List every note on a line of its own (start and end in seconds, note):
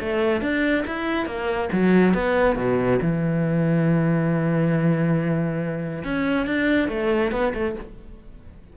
0.00 0.42 A3
0.42 0.85 D4
0.87 1.26 E4
1.26 1.69 A#3
1.73 2.14 F#3
2.14 2.56 B3
2.56 2.99 B2
3.02 6.04 E3
6.04 6.47 C#4
6.47 6.88 D4
6.88 7.32 A3
7.32 7.53 B3
7.54 7.76 A3